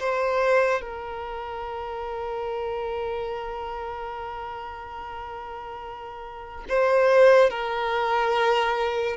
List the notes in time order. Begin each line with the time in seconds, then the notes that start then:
0.00 C5
0.81 A#4
6.69 C5
7.50 A#4